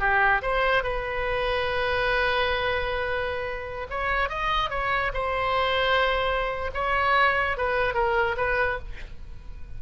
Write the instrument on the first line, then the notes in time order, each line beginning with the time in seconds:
oboe
0.00 G4
0.43 C5
0.84 B4
3.91 C#5
4.30 D#5
4.70 C#5
5.14 C5
6.74 C#5
7.58 B4
7.94 A#4
8.37 B4